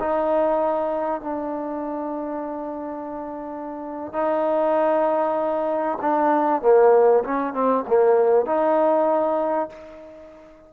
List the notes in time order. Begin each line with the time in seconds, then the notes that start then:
0.00 D#4
1.21 D4
4.13 D#4
6.01 D4
6.62 A#3
7.24 C#4
7.54 C4
7.88 A#3
8.46 D#4